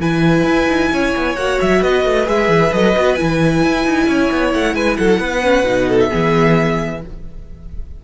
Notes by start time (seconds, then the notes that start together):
0.00 E3 E4 B4 G#5
0.44 E4
0.67 D#4
0.92 C#4 C#5
1.16 B3
1.35 A#3 F#4 F#5
1.61 F#3 E5
1.80 B3 B4 D#5
2.05 A3
2.25 G#3 G#4 E5
2.48 E3
2.72 F#3 A4 D#5
2.95 B3 F#4
3.15 E3 E4 G#5
3.63 E4
3.85 D#4
4.07 C#4 C#5
4.31 B3
4.53 A3 F#5
4.75 G#3 B4 G#5
4.97 F#3 A4 F#5
5.18 B3 B4
5.42 C#4
5.65 B2 D#4
5.88 A4
5.99 E5
6.10 E3 B3 G#4